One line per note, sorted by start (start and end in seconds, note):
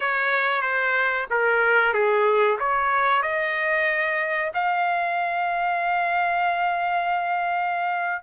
0.00 0.61 C#5
0.61 1.26 C5
1.30 1.93 A#4
1.93 2.57 G#4
2.59 3.22 C#5
3.22 4.51 D#5
4.54 8.23 F5